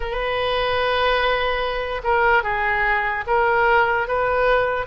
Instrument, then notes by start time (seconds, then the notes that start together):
oboe
0.00 B4
2.03 A#4
2.43 G#4
3.27 A#4
4.07 B4